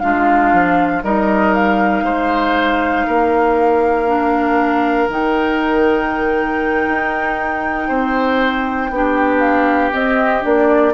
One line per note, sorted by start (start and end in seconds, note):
0.00 0.53 G#3
0.00 1.03 D4
0.00 1.04 F4
0.00 1.02 F5
0.53 1.03 F3
1.03 2.03 G3
1.03 4.07 D#4
1.03 2.04 A#4
1.03 1.54 D#5
1.54 5.10 F5
2.03 3.05 G#3
2.03 3.06 C5
3.07 5.09 A#3
3.07 7.88 A#4
4.07 5.09 D4
5.09 6.87 D#3
5.09 8.91 D#4
5.09 9.39 G5
6.88 7.89 D#4
7.88 8.90 C4
7.88 8.89 C5
8.90 9.92 B3
8.90 9.92 D4
8.90 10.94 G4
9.39 9.90 F5
9.92 10.41 C4
9.92 10.44 C4
9.92 10.44 D#5
10.41 10.94 A#3
10.41 10.92 D4
10.41 10.94 D5